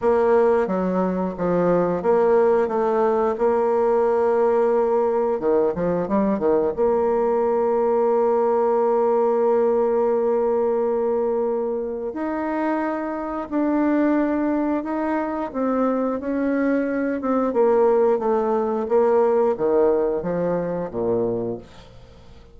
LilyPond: \new Staff \with { instrumentName = "bassoon" } { \time 4/4 \tempo 4 = 89 ais4 fis4 f4 ais4 | a4 ais2. | dis8 f8 g8 dis8 ais2~ | ais1~ |
ais2 dis'2 | d'2 dis'4 c'4 | cis'4. c'8 ais4 a4 | ais4 dis4 f4 ais,4 | }